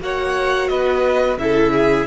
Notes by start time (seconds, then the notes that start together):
0.00 A#3 F#4 C#5 F#5
0.68 B3 B4 D#5
1.37 C#3 E4 A4 E5
1.72 G#4